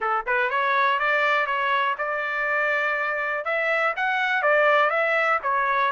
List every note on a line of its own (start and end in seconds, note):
0.00 0.25 A4
0.26 0.50 B4
0.50 0.99 C#5
0.99 1.46 D5
1.46 1.95 C#5
1.98 3.44 D5
3.44 3.94 E5
3.96 4.42 F#5
4.42 4.90 D5
4.90 5.39 E5
5.42 5.92 C#5